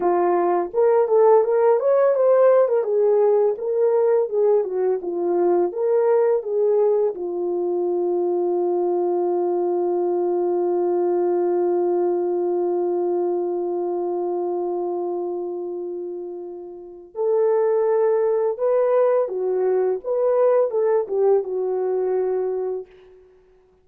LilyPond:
\new Staff \with { instrumentName = "horn" } { \time 4/4 \tempo 4 = 84 f'4 ais'8 a'8 ais'8 cis''8 c''8. ais'16 | gis'4 ais'4 gis'8 fis'8 f'4 | ais'4 gis'4 f'2~ | f'1~ |
f'1~ | f'1 | a'2 b'4 fis'4 | b'4 a'8 g'8 fis'2 | }